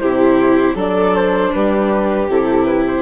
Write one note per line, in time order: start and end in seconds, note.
0.00 0.75 C3
0.00 0.77 E4
0.00 0.76 G4
0.00 0.76 C5
0.75 1.51 F#3
0.75 2.29 D4
0.75 1.52 A4
0.75 1.16 D5
1.16 1.54 C5
1.54 2.29 G3
1.54 3.02 G4
1.54 2.30 B4
2.29 3.02 C3
2.29 3.02 E4
2.29 2.65 A4
2.65 2.84 B4
2.87 3.02 C5